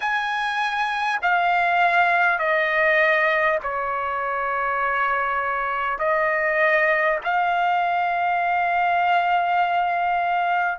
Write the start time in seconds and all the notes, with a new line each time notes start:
0.00 G#5
1.22 F5
2.38 D#5
3.62 C#5
5.98 D#5
7.23 F5